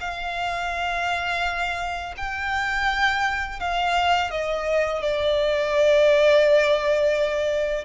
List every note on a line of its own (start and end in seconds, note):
0.00 2.14 F5
2.17 3.60 G5
3.60 4.31 F5
4.31 5.02 D#5
5.02 7.85 D5